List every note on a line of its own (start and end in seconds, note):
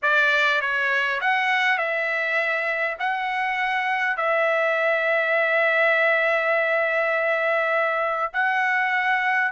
0.02 0.61 D5
0.61 1.20 C#5
1.20 1.78 F#5
1.78 2.96 E5
2.99 4.16 F#5
4.16 8.32 E5
8.33 9.51 F#5